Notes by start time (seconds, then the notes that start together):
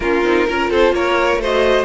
0.00 A#3 C#4 F4 A#4
0.23 C4 D#4
0.47 C#4 F4 A#4
0.70 C4 A4 C5
0.91 A#3 A#4 C#5
1.36 A3 F#4 C5
1.44 D#5